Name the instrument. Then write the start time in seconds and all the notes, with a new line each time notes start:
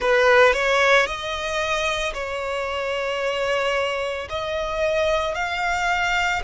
violin
0.00 B4
0.53 C#5
1.06 D#5
2.13 C#5
4.29 D#5
5.34 F5